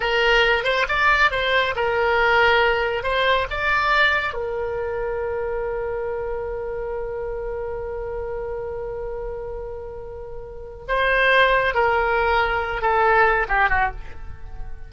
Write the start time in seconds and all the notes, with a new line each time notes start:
0.00 A#4
0.64 C5
0.88 D5
1.31 C5
1.75 A#4
3.03 C5
3.50 D5
4.33 A#4
10.87 C5
11.74 A#4
12.81 A4
13.48 G4
13.69 F#4